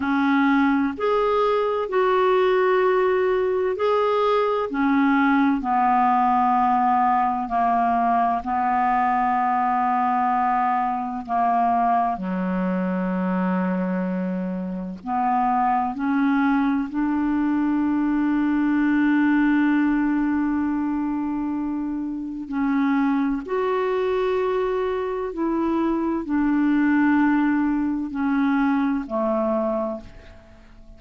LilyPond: \new Staff \with { instrumentName = "clarinet" } { \time 4/4 \tempo 4 = 64 cis'4 gis'4 fis'2 | gis'4 cis'4 b2 | ais4 b2. | ais4 fis2. |
b4 cis'4 d'2~ | d'1 | cis'4 fis'2 e'4 | d'2 cis'4 a4 | }